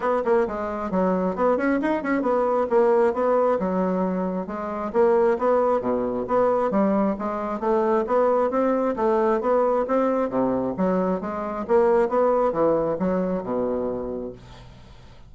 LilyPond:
\new Staff \with { instrumentName = "bassoon" } { \time 4/4 \tempo 4 = 134 b8 ais8 gis4 fis4 b8 cis'8 | dis'8 cis'8 b4 ais4 b4 | fis2 gis4 ais4 | b4 b,4 b4 g4 |
gis4 a4 b4 c'4 | a4 b4 c'4 c4 | fis4 gis4 ais4 b4 | e4 fis4 b,2 | }